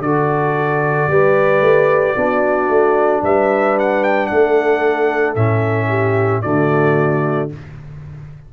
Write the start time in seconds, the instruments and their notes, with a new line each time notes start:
0.00 tuba D3, trombone F#4, horn A4, trumpet D5
1.07 tuba G3, trombone G4, horn B4
1.61 tuba A3
2.16 tuba B3, trombone D4, horn F#4
2.69 tuba A3
3.23 tuba G3, horn B4, trumpet E5
3.79 trumpet F#5
4.04 trumpet G5
4.27 tuba A3, horn A4, trumpet F#5
5.36 tuba A2, trombone C#4, trumpet E5
5.89 horn G4
6.42 tuba D3, trombone A3, horn F#4, trumpet D5